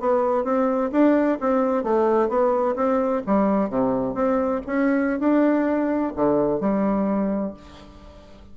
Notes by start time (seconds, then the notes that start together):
0.00 B3
0.44 C4
0.92 D4
1.40 C4
1.84 A3
2.29 B3
2.75 C4
3.26 G3
3.70 C3
4.15 C4
4.66 C#4
5.20 D4
6.16 D3
6.60 G3